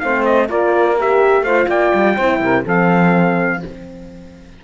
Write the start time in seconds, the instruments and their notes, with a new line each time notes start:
0.00 cello A3, horn C4, saxophone C5, trumpet F5
0.25 trumpet D#5
0.48 cello A#3, horn F4, saxophone A#4, trumpet D5
0.99 horn G4, trumpet E5
1.42 cello A3, horn F4, saxophone C5, trumpet F5
1.68 cello A#3, saxophone D5, trumpet G5
1.94 cello G3
2.15 cello C4, horn E4, saxophone C5
2.40 cello C3, saxophone A#4
2.64 cello F3, horn C4, saxophone A4, trumpet F5